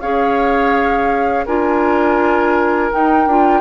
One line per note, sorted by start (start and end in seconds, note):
0.00 1.46 C#4
0.00 1.46 G#4
0.00 1.45 C#5
0.00 1.45 F5
1.45 2.91 D4
1.45 2.91 F4
1.45 3.61 A#4
1.45 2.91 G#5
2.91 3.28 D#4
2.91 3.26 D#4
2.91 3.61 G5
3.26 3.61 D4
3.26 3.61 F4